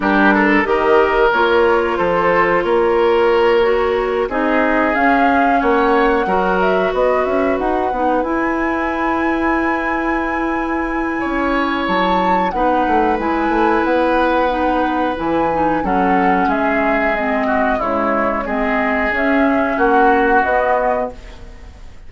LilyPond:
<<
  \new Staff \with { instrumentName = "flute" } { \time 4/4 \tempo 4 = 91 ais'4 dis''4 cis''4 c''4 | cis''2~ cis''8 dis''4 f''8~ | f''8 fis''4. e''8 dis''8 e''8 fis''8~ | fis''8 gis''2.~ gis''8~ |
gis''2 a''4 fis''4 | gis''4 fis''2 gis''4 | fis''4 e''4 dis''4 cis''4 | dis''4 e''4 fis''4 dis''4 | }
  \new Staff \with { instrumentName = "oboe" } { \time 4/4 g'8 a'8 ais'2 a'4 | ais'2~ ais'8 gis'4.~ | gis'8 cis''4 ais'4 b'4.~ | b'1~ |
b'4 cis''2 b'4~ | b'1 | a'4 gis'4. fis'8 e'4 | gis'2 fis'2 | }
  \new Staff \with { instrumentName = "clarinet" } { \time 4/4 d'4 g'4 f'2~ | f'4. fis'4 dis'4 cis'8~ | cis'4. fis'2~ fis'8 | dis'8 e'2.~ e'8~ |
e'2. dis'4 | e'2 dis'4 e'8 dis'8 | cis'2 c'4 gis4 | c'4 cis'2 b4 | }
  \new Staff \with { instrumentName = "bassoon" } { \time 4/4 g4 dis4 ais4 f4 | ais2~ ais8 c'4 cis'8~ | cis'8 ais4 fis4 b8 cis'8 dis'8 | b8 e'2.~ e'8~ |
e'4 cis'4 fis4 b8 a8 | gis8 a8 b2 e4 | fis4 gis2 cis4 | gis4 cis'4 ais4 b4 | }
>>